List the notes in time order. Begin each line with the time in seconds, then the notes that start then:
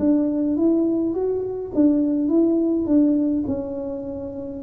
0.00 D4
0.57 E4
1.14 F#4
1.75 D4
2.29 E4
2.87 D4
3.48 C#4